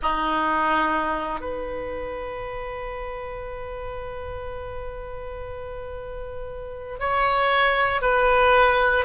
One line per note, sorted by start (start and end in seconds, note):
0.02 1.40 D#4
1.40 6.98 B4
6.99 8.01 C#5
8.01 9.05 B4